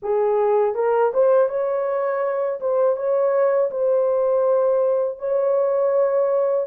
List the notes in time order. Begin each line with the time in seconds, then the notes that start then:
0.02 G#4
0.74 A#4
1.13 C5
1.48 C#5
2.60 C5
2.96 C#5
3.70 C5
5.19 C#5